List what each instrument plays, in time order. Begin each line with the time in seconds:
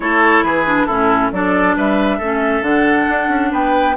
0.00 bassoon A3, clarinet E4, oboe A4, flute C#5
0.42 bassoon E3, oboe G#4, flute B4
0.66 clarinet D4
0.85 bassoon A2, clarinet C#4, oboe E4, flute A4
1.32 bassoon F#3, clarinet D4, oboe A4, flute D5
1.76 bassoon G3, oboe B4, flute E5
2.17 bassoon A3, clarinet C#4, oboe A4
2.61 bassoon D3, clarinet D4, flute F#5
3.09 bassoon D4
3.28 bassoon C#4
3.51 bassoon B3, oboe B4, flute G5